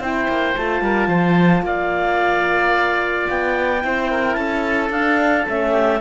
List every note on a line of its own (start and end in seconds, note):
0.00 0.27 C4
0.00 0.56 E4
0.00 0.84 C5
0.00 0.57 G5
0.28 0.55 A#3
0.57 0.81 A3
0.57 3.82 F4
0.57 1.66 A5
0.81 1.08 G3
0.81 1.08 A#4
1.08 1.62 F3
1.08 1.63 C5
1.62 3.26 A#3
1.62 3.84 D5
1.62 3.30 F5
3.30 3.84 B3
3.30 4.34 G5
3.82 4.37 C4
3.82 4.91 E4
3.82 4.11 C5
4.11 4.39 A#4
4.34 4.90 C#4
4.34 5.71 A4
4.34 4.89 A5
4.90 5.44 D4
4.90 5.46 D4
4.90 5.46 F5
5.46 6.01 A3
5.46 6.00 C#4
5.46 6.01 E5
5.71 5.99 G4